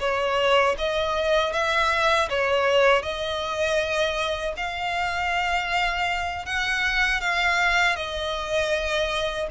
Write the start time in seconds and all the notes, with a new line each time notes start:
0.00 C#5
0.78 D#5
1.53 E5
2.30 C#5
3.02 D#5
4.57 F5
6.46 F#5
7.21 F5
7.96 D#5